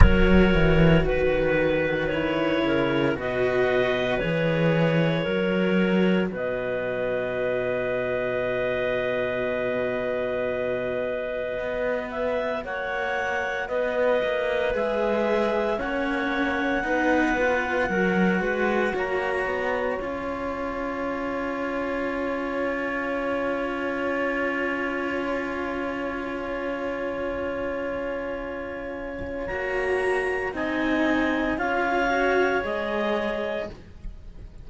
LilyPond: <<
  \new Staff \with { instrumentName = "clarinet" } { \time 4/4 \tempo 4 = 57 cis''4 b'4 cis''4 dis''4 | cis''2 dis''2~ | dis''2.~ dis''8 e''8 | fis''4 dis''4 e''4 fis''4~ |
fis''2 ais''4 gis''4~ | gis''1~ | gis''1 | ais''4 gis''4 f''4 dis''4 | }
  \new Staff \with { instrumentName = "clarinet" } { \time 4/4 ais'4 b'4. ais'8 b'4~ | b'4 ais'4 b'2~ | b'1 | cis''4 b'2 cis''4 |
b'4 ais'8 b'8 cis''2~ | cis''1~ | cis''1~ | cis''4 dis''4 cis''2 | }
  \new Staff \with { instrumentName = "cello" } { \time 4/4 fis'2 e'4 fis'4 | gis'4 fis'2.~ | fis'1~ | fis'2 gis'4 cis'4 |
dis'8 f'8 fis'2 f'4~ | f'1~ | f'1 | fis'4 dis'4 f'8 fis'8 gis'4 | }
  \new Staff \with { instrumentName = "cello" } { \time 4/4 fis8 e8 dis4. cis8 b,4 | e4 fis4 b,2~ | b,2. b4 | ais4 b8 ais8 gis4 ais4 |
b4 fis8 gis8 ais8 b8 cis'4~ | cis'1~ | cis'1 | ais4 c'4 cis'4 gis4 | }
>>